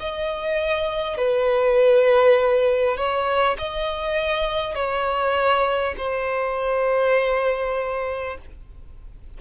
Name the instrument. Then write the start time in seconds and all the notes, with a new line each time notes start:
violin
0.00 D#5
1.18 B4
2.97 C#5
3.59 D#5
4.76 C#5
5.98 C5